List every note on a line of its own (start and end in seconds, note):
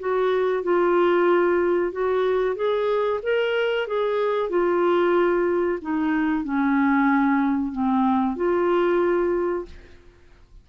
0.00 0.64 F#4
0.64 1.93 F4
1.93 2.56 F#4
2.56 3.21 G#4
3.23 3.88 A#4
3.88 4.50 G#4
4.50 5.79 F4
5.82 6.45 D#4
6.45 7.72 C#4
7.72 8.37 C4
8.37 9.66 F4